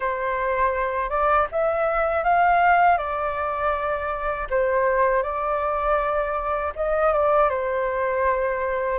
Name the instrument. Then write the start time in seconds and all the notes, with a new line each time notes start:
flute
0.00 C5
1.09 D5
1.51 E5
2.23 F5
2.97 D5
4.50 C5
5.23 D5
6.75 D#5
7.12 D5
7.49 C5